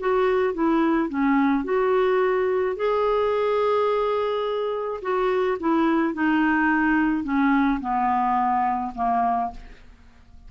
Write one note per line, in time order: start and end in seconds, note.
0.00 0.54 F#4
0.54 1.09 E4
1.09 1.64 C#4
1.64 2.76 F#4
2.76 5.01 G#4
5.02 5.58 F#4
5.60 6.14 E4
6.14 7.24 D#4
7.24 7.80 C#4
7.81 8.93 B3
8.95 9.51 A#3